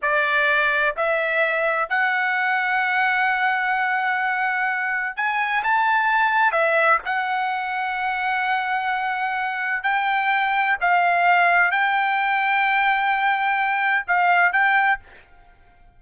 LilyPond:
\new Staff \with { instrumentName = "trumpet" } { \time 4/4 \tempo 4 = 128 d''2 e''2 | fis''1~ | fis''2. gis''4 | a''2 e''4 fis''4~ |
fis''1~ | fis''4 g''2 f''4~ | f''4 g''2.~ | g''2 f''4 g''4 | }